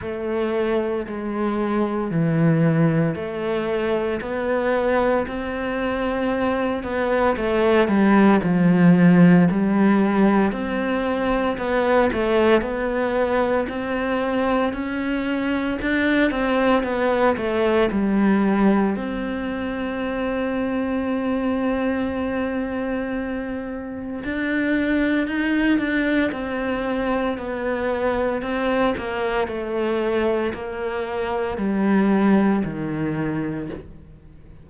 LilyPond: \new Staff \with { instrumentName = "cello" } { \time 4/4 \tempo 4 = 57 a4 gis4 e4 a4 | b4 c'4. b8 a8 g8 | f4 g4 c'4 b8 a8 | b4 c'4 cis'4 d'8 c'8 |
b8 a8 g4 c'2~ | c'2. d'4 | dis'8 d'8 c'4 b4 c'8 ais8 | a4 ais4 g4 dis4 | }